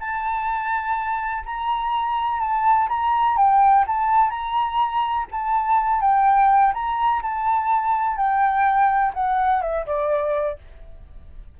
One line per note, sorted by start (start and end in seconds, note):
0.00 1.44 A5
1.46 2.40 A#5
2.40 2.88 A5
2.89 3.37 A#5
3.37 3.85 G5
3.87 4.30 A5
4.30 5.26 A#5
5.32 6.01 A5
6.01 6.73 G5
6.74 7.22 A#5
7.22 8.16 A5
8.16 9.12 G5
9.14 9.62 F#5
9.62 9.86 E5
9.86 10.58 D5